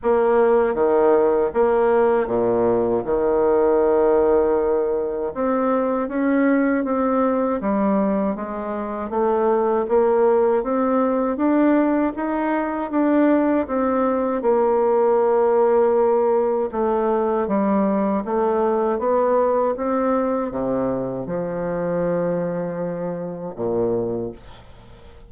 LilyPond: \new Staff \with { instrumentName = "bassoon" } { \time 4/4 \tempo 4 = 79 ais4 dis4 ais4 ais,4 | dis2. c'4 | cis'4 c'4 g4 gis4 | a4 ais4 c'4 d'4 |
dis'4 d'4 c'4 ais4~ | ais2 a4 g4 | a4 b4 c'4 c4 | f2. ais,4 | }